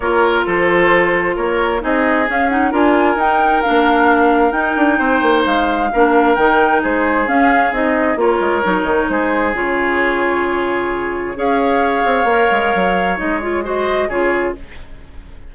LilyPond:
<<
  \new Staff \with { instrumentName = "flute" } { \time 4/4 \tempo 4 = 132 cis''4 c''2 cis''4 | dis''4 f''8 fis''8 gis''4 g''4 | f''2 g''2 | f''2 g''4 c''4 |
f''4 dis''4 cis''2 | c''4 cis''2.~ | cis''4 f''2.~ | f''4 dis''8 cis''8 dis''4 cis''4 | }
  \new Staff \with { instrumentName = "oboe" } { \time 4/4 ais'4 a'2 ais'4 | gis'2 ais'2~ | ais'2. c''4~ | c''4 ais'2 gis'4~ |
gis'2 ais'2 | gis'1~ | gis'4 cis''2.~ | cis''2 c''4 gis'4 | }
  \new Staff \with { instrumentName = "clarinet" } { \time 4/4 f'1 | dis'4 cis'8 dis'8 f'4 dis'4 | d'2 dis'2~ | dis'4 d'4 dis'2 |
cis'4 dis'4 f'4 dis'4~ | dis'4 f'2.~ | f'4 gis'2 ais'4~ | ais'4 dis'8 f'8 fis'4 f'4 | }
  \new Staff \with { instrumentName = "bassoon" } { \time 4/4 ais4 f2 ais4 | c'4 cis'4 d'4 dis'4 | ais2 dis'8 d'8 c'8 ais8 | gis4 ais4 dis4 gis4 |
cis'4 c'4 ais8 gis8 fis8 dis8 | gis4 cis2.~ | cis4 cis'4. c'8 ais8 gis8 | fis4 gis2 cis4 | }
>>